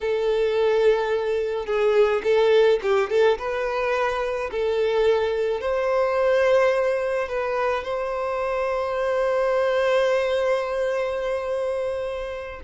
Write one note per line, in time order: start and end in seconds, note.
0.01 1.65 A4
1.65 2.21 G#4
2.23 2.79 A4
2.82 3.10 G4
3.10 3.38 A4
3.38 4.50 B4
4.51 5.60 A4
5.60 7.28 C5
7.28 7.84 B4
7.84 12.60 C5